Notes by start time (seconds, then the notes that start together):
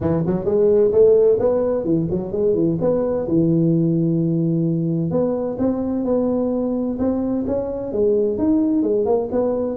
0.00 E3
0.26 F#3
0.45 G#3
0.92 A3
1.39 B3
1.84 E3
2.10 F#3
2.32 G#3
2.54 E3
2.80 B3
3.27 E3
5.10 B3
5.58 C4
6.04 B3
6.98 C4
7.47 C#4
7.92 G#3
8.38 D#4
8.82 G#3
9.05 A#3
9.31 B3